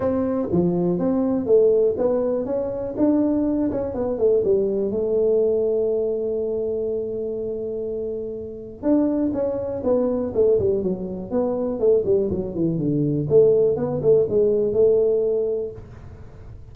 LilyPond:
\new Staff \with { instrumentName = "tuba" } { \time 4/4 \tempo 4 = 122 c'4 f4 c'4 a4 | b4 cis'4 d'4. cis'8 | b8 a8 g4 a2~ | a1~ |
a2 d'4 cis'4 | b4 a8 g8 fis4 b4 | a8 g8 fis8 e8 d4 a4 | b8 a8 gis4 a2 | }